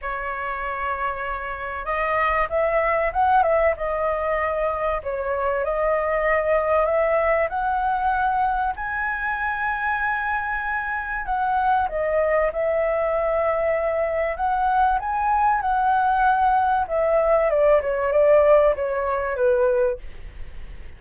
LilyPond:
\new Staff \with { instrumentName = "flute" } { \time 4/4 \tempo 4 = 96 cis''2. dis''4 | e''4 fis''8 e''8 dis''2 | cis''4 dis''2 e''4 | fis''2 gis''2~ |
gis''2 fis''4 dis''4 | e''2. fis''4 | gis''4 fis''2 e''4 | d''8 cis''8 d''4 cis''4 b'4 | }